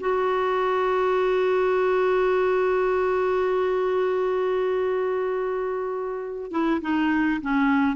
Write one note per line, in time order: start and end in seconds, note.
0.00 6.51 F#4
6.51 6.80 E4
6.81 7.40 D#4
7.41 7.96 C#4